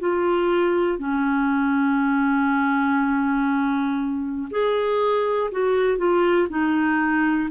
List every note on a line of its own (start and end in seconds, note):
0.00 0.99 F4
0.99 4.49 C#4
4.51 5.51 G#4
5.52 5.98 F#4
5.98 6.48 F4
6.50 7.50 D#4